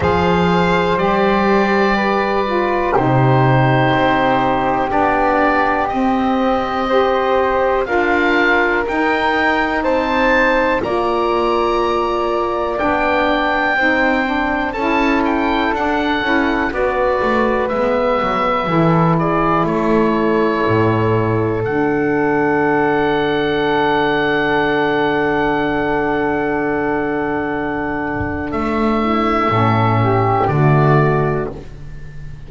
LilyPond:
<<
  \new Staff \with { instrumentName = "oboe" } { \time 4/4 \tempo 4 = 61 f''4 d''2 c''4~ | c''4 d''4 dis''2 | f''4 g''4 a''4 ais''4~ | ais''4 g''2 a''8 g''8 |
fis''4 d''4 e''4. d''8 | cis''2 fis''2~ | fis''1~ | fis''4 e''2 d''4 | }
  \new Staff \with { instrumentName = "flute" } { \time 4/4 c''2 b'4 g'4~ | g'2. c''4 | ais'2 c''4 d''4~ | d''2 c''4 a'4~ |
a'4 b'2 a'8 gis'8 | a'1~ | a'1~ | a'4. e'8 a'8 g'8 fis'4 | }
  \new Staff \with { instrumentName = "saxophone" } { \time 4/4 gis'4 g'4. f'8 dis'4~ | dis'4 d'4 c'4 g'4 | f'4 dis'2 f'4~ | f'4 d'4 dis'8 d'8 e'4 |
d'8 e'8 fis'4 b4 e'4~ | e'2 d'2~ | d'1~ | d'2 cis'4 a4 | }
  \new Staff \with { instrumentName = "double bass" } { \time 4/4 f4 g2 c4 | c'4 b4 c'2 | d'4 dis'4 c'4 ais4~ | ais4 b4 c'4 cis'4 |
d'8 cis'8 b8 a8 gis8 fis8 e4 | a4 a,4 d2~ | d1~ | d4 a4 a,4 d4 | }
>>